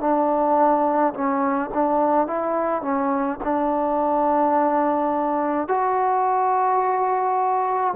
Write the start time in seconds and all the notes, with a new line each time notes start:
0.00 D4
1.14 C#4
1.73 D4
2.27 E4
2.81 C#4
3.44 D4
5.68 F#4